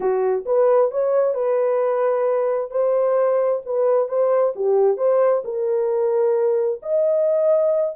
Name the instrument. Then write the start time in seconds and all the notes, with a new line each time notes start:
horn
0.00 F#4
0.45 B4
0.91 C#5
1.34 B4
2.70 C5
3.65 B4
4.08 C5
4.55 G4
4.97 C5
5.44 A#4
6.82 D#5